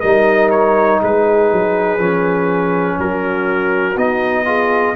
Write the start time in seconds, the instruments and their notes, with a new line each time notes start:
0.00 tuba G3, trombone D#4, horn A#4, trumpet D#5
0.50 trumpet C#5
1.01 tuba G#3, horn G#4, trumpet B4
1.51 tuba F#3
1.98 tuba F3, trombone C#4
2.98 tuba F#3, horn F#4, trumpet A#4
3.96 tuba B3, trombone D#4, trumpet D#5
4.45 trombone F4, horn G#4